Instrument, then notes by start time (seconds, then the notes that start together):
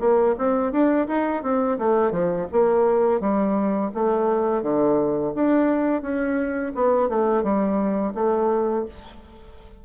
bassoon
0.00 A#3
0.38 C4
0.72 D4
1.08 D#4
1.43 C4
1.78 A3
2.11 F3
2.52 A#3
3.21 G3
3.94 A3
4.62 D3
5.35 D4
6.02 C#4
6.75 B3
7.09 A3
7.43 G3
8.15 A3